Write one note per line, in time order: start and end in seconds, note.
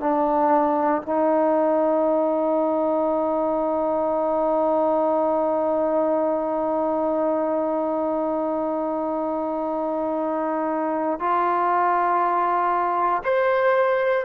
0.00 1.02 D4
1.03 11.20 D#4
11.20 13.23 F4
13.23 14.25 C5